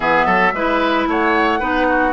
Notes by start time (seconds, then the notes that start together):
0.00 E3 B3 G#4 E5
0.25 F#3 A4
0.53 G#3 E4 B4
1.07 A3 C#5 F#5
1.59 B3 D#4 B4
1.89 F#4